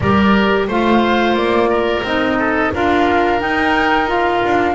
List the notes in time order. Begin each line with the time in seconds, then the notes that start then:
0.00 G3 G4 A#4 D5
0.67 A3 F4 C5 F5
1.33 A#3 D5
1.69 A#4
2.02 C4 D#4 D#5
2.38 A4
2.73 D4 F4 A#4 F5
3.40 D#4 G5
4.07 F4 F5
4.44 D4